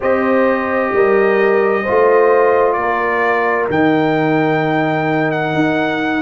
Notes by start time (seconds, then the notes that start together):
0.00 C4 G4 C5 D#5
0.92 G3 A#4
1.82 F4 C5
1.89 A3
2.72 A#3 D5
2.79 A#4
3.69 D#3 D#4 G5
5.31 F#5
5.54 D#4